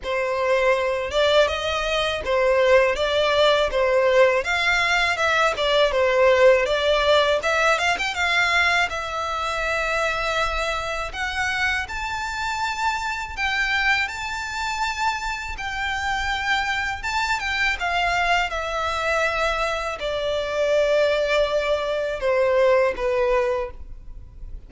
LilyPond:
\new Staff \with { instrumentName = "violin" } { \time 4/4 \tempo 4 = 81 c''4. d''8 dis''4 c''4 | d''4 c''4 f''4 e''8 d''8 | c''4 d''4 e''8 f''16 g''16 f''4 | e''2. fis''4 |
a''2 g''4 a''4~ | a''4 g''2 a''8 g''8 | f''4 e''2 d''4~ | d''2 c''4 b'4 | }